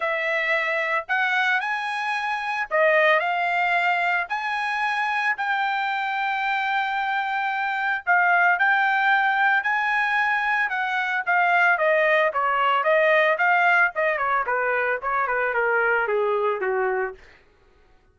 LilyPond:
\new Staff \with { instrumentName = "trumpet" } { \time 4/4 \tempo 4 = 112 e''2 fis''4 gis''4~ | gis''4 dis''4 f''2 | gis''2 g''2~ | g''2. f''4 |
g''2 gis''2 | fis''4 f''4 dis''4 cis''4 | dis''4 f''4 dis''8 cis''8 b'4 | cis''8 b'8 ais'4 gis'4 fis'4 | }